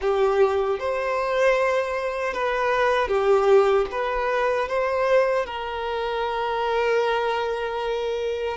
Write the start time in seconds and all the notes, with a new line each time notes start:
0.01 G4
0.79 C5
2.33 B4
3.08 G4
3.91 B4
4.68 C5
5.46 A#4